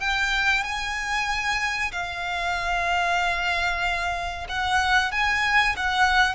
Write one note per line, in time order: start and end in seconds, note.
0.00 0.64 G5
0.64 1.92 G#5
1.92 4.48 F5
4.49 5.12 F#5
5.12 5.76 G#5
5.77 6.35 F#5